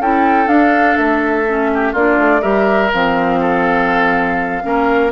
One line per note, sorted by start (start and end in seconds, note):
0.00 0.47 C#4
0.00 0.47 E4
0.00 1.71 A4
0.00 0.48 G5
0.47 0.96 D4
0.47 1.45 D4
0.47 0.97 F5
0.97 1.94 A3
0.97 1.94 E5
1.47 1.96 C#4
1.74 1.92 G4
1.92 2.17 A#3
1.92 2.41 D4
1.92 2.41 F4
1.92 2.42 D5
2.17 2.42 A3
2.41 2.92 G3
2.41 2.90 G4
2.41 3.39 A#4
2.41 2.91 E5
2.93 4.64 F3
2.93 4.62 C4
2.93 5.12 F5
3.40 4.62 A4
4.62 5.12 A#3
4.62 5.10 C#4
4.62 5.12 A#4